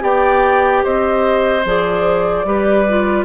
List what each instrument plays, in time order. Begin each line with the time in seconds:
0.00 bassoon B3, clarinet G4, oboe D5, flute G5
0.84 bassoon C4, oboe C5, flute D#5
1.65 bassoon F3, clarinet G#4, flute D5
2.44 bassoon G3, clarinet G4, oboe B4
2.89 clarinet F4